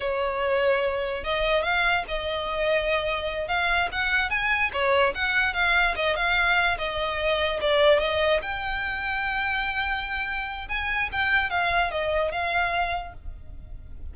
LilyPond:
\new Staff \with { instrumentName = "violin" } { \time 4/4 \tempo 4 = 146 cis''2. dis''4 | f''4 dis''2.~ | dis''8 f''4 fis''4 gis''4 cis''8~ | cis''8 fis''4 f''4 dis''8 f''4~ |
f''8 dis''2 d''4 dis''8~ | dis''8 g''2.~ g''8~ | g''2 gis''4 g''4 | f''4 dis''4 f''2 | }